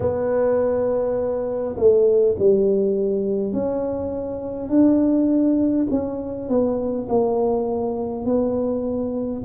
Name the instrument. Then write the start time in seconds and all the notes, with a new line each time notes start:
tuba
0.00 B3
1.76 A3
2.39 G3
3.52 C#4
4.69 D4
5.90 C#4
6.49 B3
7.09 A#3
8.25 B3